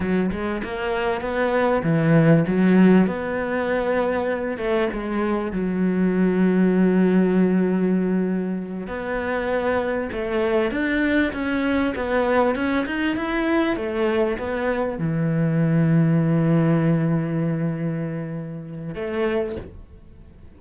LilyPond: \new Staff \with { instrumentName = "cello" } { \time 4/4 \tempo 4 = 98 fis8 gis8 ais4 b4 e4 | fis4 b2~ b8 a8 | gis4 fis2.~ | fis2~ fis8 b4.~ |
b8 a4 d'4 cis'4 b8~ | b8 cis'8 dis'8 e'4 a4 b8~ | b8 e2.~ e8~ | e2. a4 | }